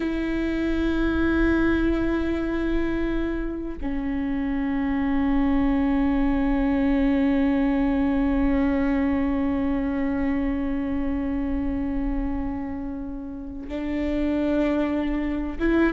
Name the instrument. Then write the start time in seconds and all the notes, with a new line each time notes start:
viola
0.00 E4
3.81 C#4
13.68 D4
15.59 E4